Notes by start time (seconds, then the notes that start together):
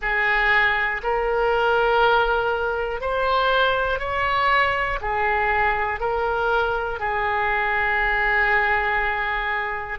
0.01 G#4
1.03 A#4
3.00 C5
3.99 C#5
5.01 G#4
6.00 A#4
6.99 G#4